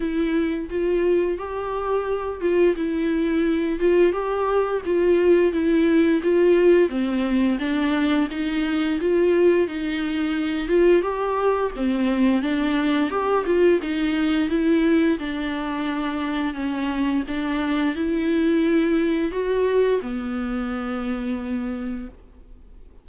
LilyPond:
\new Staff \with { instrumentName = "viola" } { \time 4/4 \tempo 4 = 87 e'4 f'4 g'4. f'8 | e'4. f'8 g'4 f'4 | e'4 f'4 c'4 d'4 | dis'4 f'4 dis'4. f'8 |
g'4 c'4 d'4 g'8 f'8 | dis'4 e'4 d'2 | cis'4 d'4 e'2 | fis'4 b2. | }